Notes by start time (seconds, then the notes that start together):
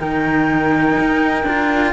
0.00 D#3 D#4 A#4 G5
1.00 D#4
1.44 D4 F4